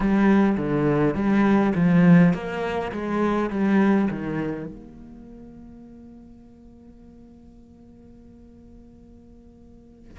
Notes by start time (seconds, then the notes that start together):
0.00 G3
0.57 D3
1.15 G3
1.75 F3
2.33 A#3
2.92 G#3
3.50 G3
4.10 D#3
4.65 A#3